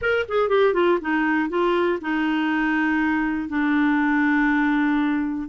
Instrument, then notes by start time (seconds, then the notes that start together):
clarinet
0.01 A#4
0.28 G#4
0.49 G4
0.73 F4
1.01 D#4
1.49 F4
2.01 D#4
3.48 D4